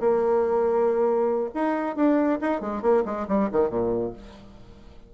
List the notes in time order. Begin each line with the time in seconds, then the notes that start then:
0.00 A#3
1.54 D#4
1.96 D4
2.41 D#4
2.61 G#3
2.82 A#3
3.05 G#3
3.28 G3
3.52 D#3
3.70 A#2